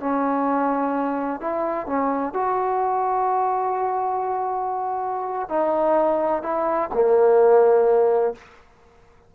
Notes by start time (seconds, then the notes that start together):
0.00 C#4
1.41 E4
1.87 C#4
2.34 F#4
5.49 D#4
6.43 E4
6.94 A#3